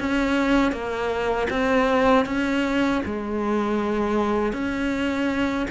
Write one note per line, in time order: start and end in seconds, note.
0.00 0.72 C#4
0.72 1.48 A#3
1.50 2.26 C4
2.26 3.02 C#4
3.06 4.53 G#3
4.53 5.67 C#4